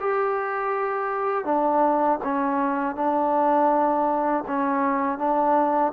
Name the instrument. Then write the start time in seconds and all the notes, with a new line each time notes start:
trombone
0.00 G4
1.45 D4
2.24 C#4
2.96 D4
4.47 C#4
5.18 D4